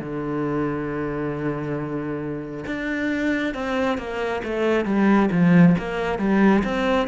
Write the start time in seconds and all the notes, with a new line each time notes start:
0.00 D3
2.66 D4
3.55 C4
3.98 A#3
4.44 A3
4.85 G3
5.31 F3
5.78 A#3
6.19 G3
6.65 C4